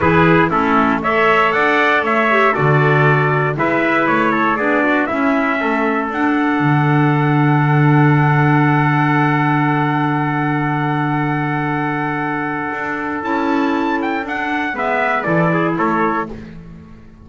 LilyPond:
<<
  \new Staff \with { instrumentName = "trumpet" } { \time 4/4 \tempo 4 = 118 b'4 a'4 e''4 fis''4 | e''4 d''2 e''4 | cis''4 d''4 e''2 | fis''1~ |
fis''1~ | fis''1~ | fis''2 a''4. g''8 | fis''4 e''4 d''4 cis''4 | }
  \new Staff \with { instrumentName = "trumpet" } { \time 4/4 gis'4 e'4 cis''4 d''4 | cis''4 a'2 b'4~ | b'8 a'8 gis'8 fis'8 e'4 a'4~ | a'1~ |
a'1~ | a'1~ | a'1~ | a'4 b'4 a'8 gis'8 a'4 | }
  \new Staff \with { instrumentName = "clarinet" } { \time 4/4 e'4 cis'4 a'2~ | a'8 g'8 fis'2 e'4~ | e'4 d'4 cis'2 | d'1~ |
d'1~ | d'1~ | d'2 e'2 | d'4 b4 e'2 | }
  \new Staff \with { instrumentName = "double bass" } { \time 4/4 e4 a2 d'4 | a4 d2 gis4 | a4 b4 cis'4 a4 | d'4 d2.~ |
d1~ | d1~ | d4 d'4 cis'2 | d'4 gis4 e4 a4 | }
>>